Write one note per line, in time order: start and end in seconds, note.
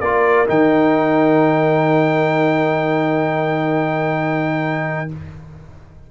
0.00 0.47 A#3
0.00 0.47 F4
0.00 5.10 A#4
0.00 0.46 D5
0.47 5.11 D#3
0.47 5.08 D#4
0.47 5.10 G5